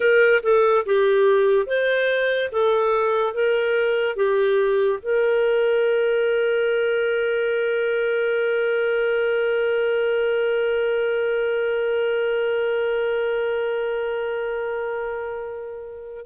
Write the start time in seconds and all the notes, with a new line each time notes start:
0.00 A#4
0.42 A4
0.85 G4
1.66 C5
2.52 A4
3.33 A#4
4.16 G4
5.02 A#4